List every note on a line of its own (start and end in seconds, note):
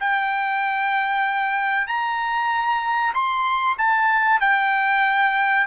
0.00 1.87 G5
1.87 3.13 A#5
3.14 3.77 C6
3.78 4.40 A5
4.40 5.67 G5